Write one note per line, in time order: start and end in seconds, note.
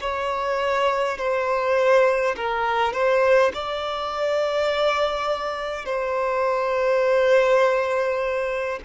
0.00 1.18 C#5
1.18 2.35 C5
2.36 2.93 A#4
2.93 3.52 C5
3.53 5.85 D5
5.85 8.79 C5